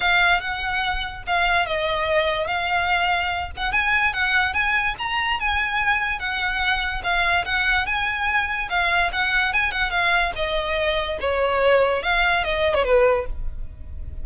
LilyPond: \new Staff \with { instrumentName = "violin" } { \time 4/4 \tempo 4 = 145 f''4 fis''2 f''4 | dis''2 f''2~ | f''8 fis''8 gis''4 fis''4 gis''4 | ais''4 gis''2 fis''4~ |
fis''4 f''4 fis''4 gis''4~ | gis''4 f''4 fis''4 gis''8 fis''8 | f''4 dis''2 cis''4~ | cis''4 f''4 dis''8. cis''16 b'4 | }